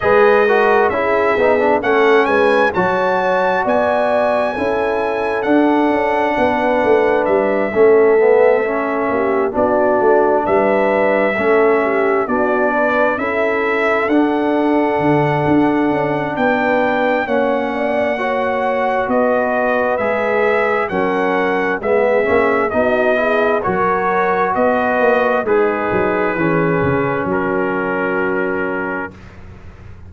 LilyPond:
<<
  \new Staff \with { instrumentName = "trumpet" } { \time 4/4 \tempo 4 = 66 dis''4 e''4 fis''8 gis''8 a''4 | gis''2 fis''2 | e''2~ e''8 d''4 e''8~ | e''4. d''4 e''4 fis''8~ |
fis''2 g''4 fis''4~ | fis''4 dis''4 e''4 fis''4 | e''4 dis''4 cis''4 dis''4 | b'2 ais'2 | }
  \new Staff \with { instrumentName = "horn" } { \time 4/4 b'8 ais'8 gis'4 a'8 b'8 cis''4 | d''4 a'2 b'4~ | b'8 a'4. g'8 fis'4 b'8~ | b'8 a'8 g'8 fis'8 b'8 a'4.~ |
a'2 b'4 cis''8 d''8 | cis''4 b'2 ais'4 | gis'4 fis'8 gis'8 ais'4 b'4 | dis'4 gis'4 fis'2 | }
  \new Staff \with { instrumentName = "trombone" } { \time 4/4 gis'8 fis'8 e'8 dis'16 d'16 cis'4 fis'4~ | fis'4 e'4 d'2~ | d'8 cis'8 b8 cis'4 d'4.~ | d'8 cis'4 d'4 e'4 d'8~ |
d'2. cis'4 | fis'2 gis'4 cis'4 | b8 cis'8 dis'8 e'8 fis'2 | gis'4 cis'2. | }
  \new Staff \with { instrumentName = "tuba" } { \time 4/4 gis4 cis'8 b8 a8 gis8 fis4 | b4 cis'4 d'8 cis'8 b8 a8 | g8 a4. ais8 b8 a8 g8~ | g8 a4 b4 cis'4 d'8~ |
d'8 d8 d'8 cis'8 b4 ais4~ | ais4 b4 gis4 fis4 | gis8 ais8 b4 fis4 b8 ais8 | gis8 fis8 e8 cis8 fis2 | }
>>